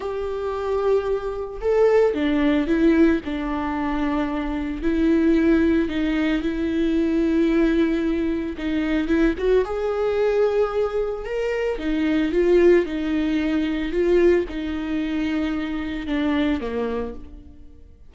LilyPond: \new Staff \with { instrumentName = "viola" } { \time 4/4 \tempo 4 = 112 g'2. a'4 | d'4 e'4 d'2~ | d'4 e'2 dis'4 | e'1 |
dis'4 e'8 fis'8 gis'2~ | gis'4 ais'4 dis'4 f'4 | dis'2 f'4 dis'4~ | dis'2 d'4 ais4 | }